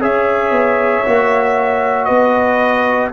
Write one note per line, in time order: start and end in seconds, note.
0.00 0.51 C#4
0.00 1.05 G#4
0.00 2.06 C#5
0.00 2.05 E5
0.51 1.03 B3
1.05 2.09 A#3
1.05 3.12 F#4
2.05 3.12 B3
2.05 3.10 B4
2.05 3.08 D#5